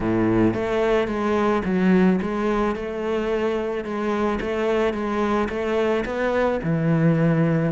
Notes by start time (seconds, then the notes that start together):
0.00 A2
0.54 A3
1.07 G#3
1.64 F#3
2.21 G#3
2.75 A3
3.84 G#3
4.40 A3
4.93 G#3
5.49 A3
6.05 B3
6.63 E3